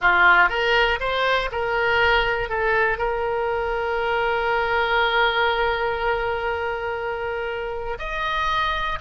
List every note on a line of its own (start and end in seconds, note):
0.01 0.49 F4
0.49 0.99 A#4
1.00 1.50 C5
1.51 2.49 A#4
2.49 2.97 A4
2.97 7.97 A#4
7.99 8.99 D#5